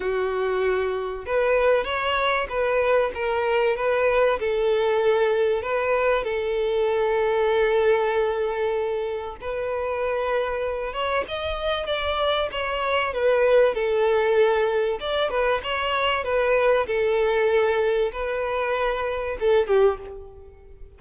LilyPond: \new Staff \with { instrumentName = "violin" } { \time 4/4 \tempo 4 = 96 fis'2 b'4 cis''4 | b'4 ais'4 b'4 a'4~ | a'4 b'4 a'2~ | a'2. b'4~ |
b'4. cis''8 dis''4 d''4 | cis''4 b'4 a'2 | d''8 b'8 cis''4 b'4 a'4~ | a'4 b'2 a'8 g'8 | }